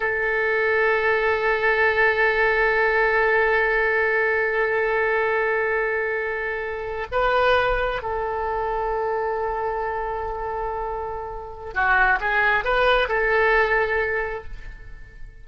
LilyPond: \new Staff \with { instrumentName = "oboe" } { \time 4/4 \tempo 4 = 133 a'1~ | a'1~ | a'1~ | a'2.~ a'8. b'16~ |
b'4.~ b'16 a'2~ a'16~ | a'1~ | a'2 fis'4 gis'4 | b'4 a'2. | }